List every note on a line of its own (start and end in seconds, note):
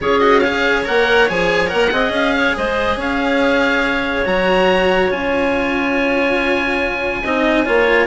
0.00 0.86 C#4
0.00 0.21 F4
0.00 0.41 G#4
0.00 0.19 C#5
0.19 0.42 F#4
0.19 0.39 D#5
0.39 0.85 G#4
0.39 1.90 C#5
0.39 0.82 F5
0.85 1.29 A#3
0.85 1.27 A#4
0.85 1.29 F#5
1.28 1.72 F3
1.28 1.67 G#4
1.28 1.69 G#5
1.67 1.92 A#3
1.67 1.89 A#4
1.67 2.11 F#5
1.90 2.09 C4
1.90 4.24 G#4
1.90 2.34 D#5
2.09 2.51 C#4
2.09 2.56 F5
2.34 2.56 C#5
2.56 2.96 G#3
2.56 2.97 C5
2.56 2.99 D#5
2.96 4.24 C#4
2.96 7.23 C#5
2.96 4.25 F5
4.25 5.10 F#3
4.25 5.10 F#4
4.25 5.11 A#5
5.10 7.23 C#4
5.10 7.23 F4
5.10 8.07 G#5
7.23 7.67 C4
7.23 7.65 D#4
7.23 7.65 D#5
7.65 8.07 A#3
7.65 8.07 F4
7.65 8.07 C#5